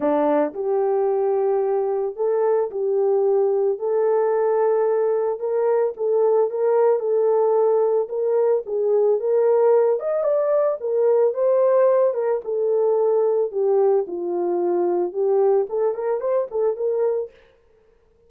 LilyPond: \new Staff \with { instrumentName = "horn" } { \time 4/4 \tempo 4 = 111 d'4 g'2. | a'4 g'2 a'4~ | a'2 ais'4 a'4 | ais'4 a'2 ais'4 |
gis'4 ais'4. dis''8 d''4 | ais'4 c''4. ais'8 a'4~ | a'4 g'4 f'2 | g'4 a'8 ais'8 c''8 a'8 ais'4 | }